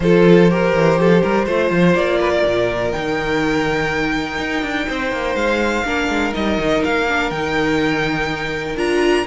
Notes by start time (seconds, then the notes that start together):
0.00 F3 F4 A4 C5
0.49 G4 A#4
0.73 E3
0.98 F3 A4
1.22 G3 A#4
1.45 A3 F4 C5
1.70 F3
1.94 A#3 D5
2.20 B4
2.33 A#4
2.45 A#2
2.92 D#3 D#4 G5
4.38 D#4
4.62 D4
4.88 C4 C5
5.11 A#3
5.34 G#3 F5
5.84 A#3 D4 A#4
6.09 G#3
6.32 G3 D#4 D#5
6.58 D#3
6.84 A#3 F5
7.08 D4
7.30 D#3 D#4 G5
8.75 D4 F4 A#5